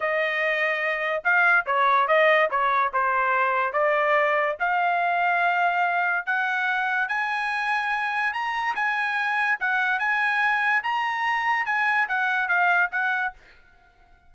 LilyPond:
\new Staff \with { instrumentName = "trumpet" } { \time 4/4 \tempo 4 = 144 dis''2. f''4 | cis''4 dis''4 cis''4 c''4~ | c''4 d''2 f''4~ | f''2. fis''4~ |
fis''4 gis''2. | ais''4 gis''2 fis''4 | gis''2 ais''2 | gis''4 fis''4 f''4 fis''4 | }